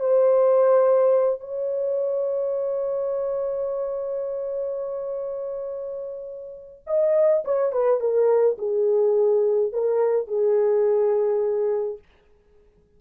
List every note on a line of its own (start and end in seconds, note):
0.00 1.41 C5
1.41 6.83 C#5
6.87 7.44 D#5
7.45 7.72 C#5
7.72 8.01 B4
8.01 8.58 A#4
8.58 9.73 G#4
9.73 10.28 A#4
10.28 11.99 G#4